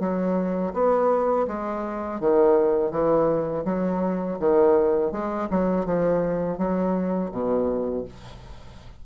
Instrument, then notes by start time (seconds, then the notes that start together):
bassoon
0.00 F#3
0.73 B3
1.47 G#3
2.20 D#3
2.91 E3
3.65 F#3
4.39 D#3
5.12 G#3
5.50 F#3
5.85 F3
6.58 F#3
7.32 B2